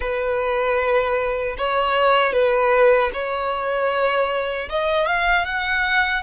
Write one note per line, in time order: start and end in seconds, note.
0.00 1.56 B4
1.57 2.32 C#5
2.32 3.10 B4
3.13 4.69 C#5
4.69 5.06 D#5
5.06 5.45 F5
5.45 6.22 F#5